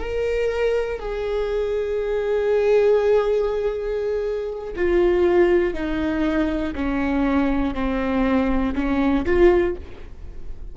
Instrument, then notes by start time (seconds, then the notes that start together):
viola
0.00 A#4
1.00 G#4
4.76 F4
5.75 D#4
6.76 C#4
7.75 C4
8.76 C#4
9.26 F4